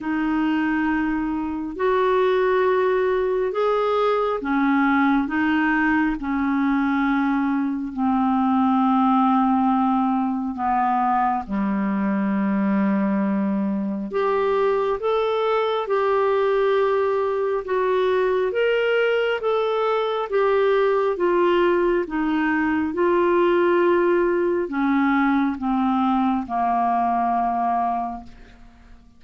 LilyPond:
\new Staff \with { instrumentName = "clarinet" } { \time 4/4 \tempo 4 = 68 dis'2 fis'2 | gis'4 cis'4 dis'4 cis'4~ | cis'4 c'2. | b4 g2. |
g'4 a'4 g'2 | fis'4 ais'4 a'4 g'4 | f'4 dis'4 f'2 | cis'4 c'4 ais2 | }